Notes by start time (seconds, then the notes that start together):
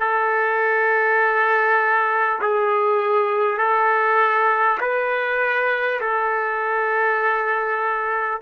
0.00 A4
2.41 G#4
3.58 A4
4.81 B4
6.01 A4